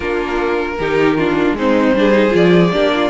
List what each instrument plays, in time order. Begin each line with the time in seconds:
0.00 cello A#3, viola D4, violin F4 A#4
0.79 cello D#3, viola D#4, violin G4
1.17 viola D4, violin F4
1.52 cello G#3, viola C4
1.58 violin D#4 C5
1.93 cello G3, viola D4, violin G#4
2.12 viola D#4
2.29 cello F3, viola F4
2.36 violin D5
2.72 cello A#3, viola D4, violin G4
2.93 violin F4